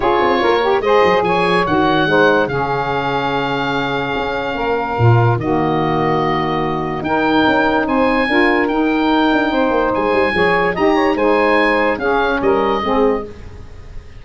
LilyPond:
<<
  \new Staff \with { instrumentName = "oboe" } { \time 4/4 \tempo 4 = 145 cis''2 dis''4 gis''4 | fis''2 f''2~ | f''1~ | f''4 dis''2.~ |
dis''4 g''2 gis''4~ | gis''4 g''2. | gis''2 ais''4 gis''4~ | gis''4 f''4 dis''2 | }
  \new Staff \with { instrumentName = "saxophone" } { \time 4/4 gis'4 ais'4 c''4 cis''4~ | cis''4 c''4 gis'2~ | gis'2. ais'4~ | ais'4 fis'2.~ |
fis'4 ais'2 c''4 | ais'2. c''4~ | c''4 cis''4 dis''8 cis''8 c''4~ | c''4 gis'4 ais'4 gis'4 | }
  \new Staff \with { instrumentName = "saxophone" } { \time 4/4 f'4. g'8 gis'2 | fis'4 dis'4 cis'2~ | cis'1 | f'4 ais2.~ |
ais4 dis'2. | f'4 dis'2.~ | dis'4 gis'4 g'4 dis'4~ | dis'4 cis'2 c'4 | }
  \new Staff \with { instrumentName = "tuba" } { \time 4/4 cis'8 c'8 ais4 gis8 fis8 f4 | dis4 gis4 cis2~ | cis2 cis'4 ais4 | ais,4 dis2.~ |
dis4 dis'4 cis'4 c'4 | d'4 dis'4. d'8 c'8 ais8 | gis8 g8 f4 dis'4 gis4~ | gis4 cis'4 g4 gis4 | }
>>